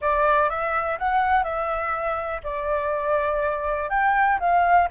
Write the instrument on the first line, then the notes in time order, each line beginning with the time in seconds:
flute
0.01 D5
0.49 E5
0.98 F#5
1.43 E5
2.43 D5
3.89 G5
4.39 F5